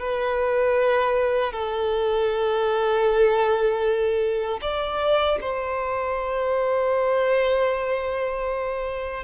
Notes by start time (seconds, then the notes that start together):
0.00 B4
1.53 A4
4.62 D5
5.41 C5